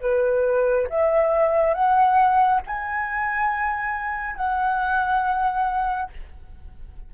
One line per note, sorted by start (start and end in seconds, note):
0.00 0.87 B4
0.89 1.74 E5
1.74 2.60 F#5
2.66 4.36 G#5
4.36 6.10 F#5